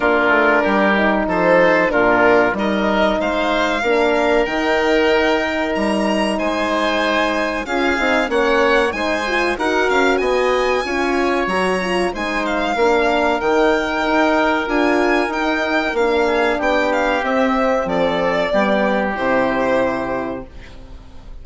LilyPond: <<
  \new Staff \with { instrumentName = "violin" } { \time 4/4 \tempo 4 = 94 ais'2 c''4 ais'4 | dis''4 f''2 g''4~ | g''4 ais''4 gis''2 | f''4 fis''4 gis''4 fis''8 f''8 |
gis''2 ais''4 gis''8 f''8~ | f''4 g''2 gis''4 | g''4 f''4 g''8 f''8 e''4 | d''2 c''2 | }
  \new Staff \with { instrumentName = "oboe" } { \time 4/4 f'4 g'4 a'4 f'4 | ais'4 c''4 ais'2~ | ais'2 c''2 | gis'4 cis''4 c''4 ais'4 |
dis''4 cis''2 c''4 | ais'1~ | ais'4. gis'8 g'2 | a'4 g'2. | }
  \new Staff \with { instrumentName = "horn" } { \time 4/4 d'4. dis'4. d'4 | dis'2 d'4 dis'4~ | dis'1 | f'8 dis'8 cis'4 dis'8 f'8 fis'4~ |
fis'4 f'4 fis'8 f'8 dis'4 | d'4 dis'2 f'4 | dis'4 d'2 c'4~ | c'4 b4 e'2 | }
  \new Staff \with { instrumentName = "bassoon" } { \time 4/4 ais8 a8 g4 f4 ais,4 | g4 gis4 ais4 dis4~ | dis4 g4 gis2 | cis'8 c'8 ais4 gis4 dis'8 cis'8 |
b4 cis'4 fis4 gis4 | ais4 dis4 dis'4 d'4 | dis'4 ais4 b4 c'4 | f4 g4 c2 | }
>>